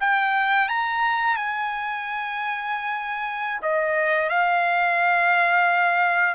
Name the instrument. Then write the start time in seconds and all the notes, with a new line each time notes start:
trumpet
0.00 G5
0.69 A#5
1.36 G#5
3.62 D#5
4.29 F5